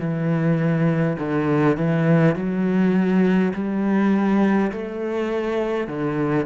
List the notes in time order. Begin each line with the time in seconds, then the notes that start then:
0.00 E3
1.19 D3
1.78 E3
2.36 F#3
3.54 G3
4.72 A3
5.88 D3